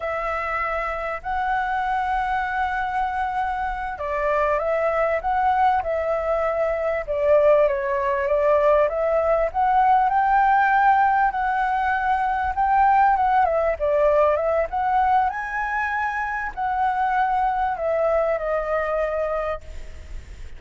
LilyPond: \new Staff \with { instrumentName = "flute" } { \time 4/4 \tempo 4 = 98 e''2 fis''2~ | fis''2~ fis''8 d''4 e''8~ | e''8 fis''4 e''2 d''8~ | d''8 cis''4 d''4 e''4 fis''8~ |
fis''8 g''2 fis''4.~ | fis''8 g''4 fis''8 e''8 d''4 e''8 | fis''4 gis''2 fis''4~ | fis''4 e''4 dis''2 | }